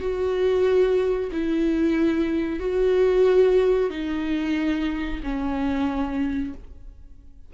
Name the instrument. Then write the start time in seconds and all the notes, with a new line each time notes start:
viola
0.00 F#4
1.32 E4
2.59 F#4
3.90 D#4
5.23 C#4